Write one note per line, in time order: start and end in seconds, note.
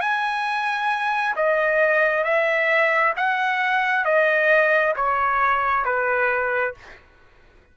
0.00 1.34 G#5
1.36 2.23 D#5
2.23 3.13 E5
3.16 4.04 F#5
4.04 4.94 D#5
4.95 5.85 C#5
5.85 6.74 B4